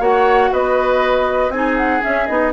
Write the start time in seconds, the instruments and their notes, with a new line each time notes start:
0.00 bassoon A#3, clarinet F#4, oboe C#5, flute F#5
0.53 bassoon B3, oboe B4, flute D#5
1.50 bassoon C4, clarinet D#4, oboe G#4, flute G#5
1.77 flute F#5
2.01 clarinet C#4, bassoon C#4, flute E5
2.27 bassoon B3, clarinet D#4, flute D#5